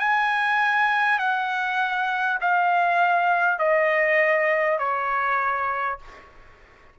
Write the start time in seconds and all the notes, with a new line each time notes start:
0.00 G#5
1.19 F#5
2.41 F5
3.59 D#5
4.79 C#5